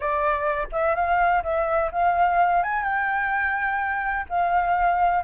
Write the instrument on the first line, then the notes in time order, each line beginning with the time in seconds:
flute
0.00 D5
0.71 E5
0.95 F5
1.43 E5
1.91 F5
2.63 G#5
2.83 G5
4.29 F5